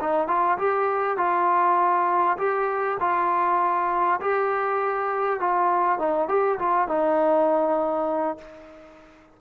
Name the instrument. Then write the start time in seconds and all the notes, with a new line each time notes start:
trombone
0.00 D#4
0.28 F4
0.58 G4
1.17 F4
2.37 G4
2.99 F4
4.20 G4
5.40 F4
5.98 D#4
6.28 G4
6.59 F4
6.88 D#4